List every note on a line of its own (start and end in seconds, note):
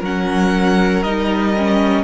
0.00 1.02 F#3
0.00 1.05 C#4
0.00 2.03 A#4
0.00 1.02 F#5
1.02 2.03 G3
1.02 1.56 D#4
1.02 2.04 D#5
1.57 2.04 C#4